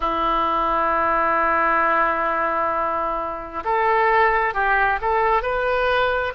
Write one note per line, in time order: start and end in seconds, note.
0.00 3.63 E4
3.64 4.53 A4
4.53 4.99 G4
5.01 5.42 A4
5.42 6.33 B4